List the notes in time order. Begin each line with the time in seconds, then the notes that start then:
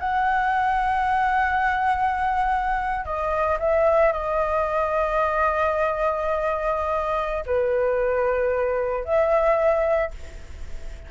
0.00 F#5
3.05 D#5
3.60 E5
4.13 D#5
7.46 B4
9.05 E5